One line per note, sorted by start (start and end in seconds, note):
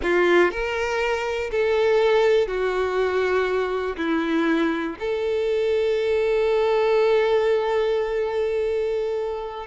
0.02 0.51 F4
0.51 1.50 A#4
1.51 2.47 A4
2.47 3.96 F#4
3.96 4.95 E4
4.99 9.66 A4